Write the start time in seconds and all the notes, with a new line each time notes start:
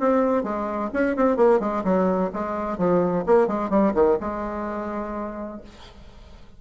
0.00 C4
0.44 G#3
0.94 C#4
1.17 C4
1.37 A#3
1.60 G#3
1.85 F#3
2.33 G#3
2.78 F3
3.27 A#3
3.48 G#3
3.70 G3
3.95 D#3
4.21 G#3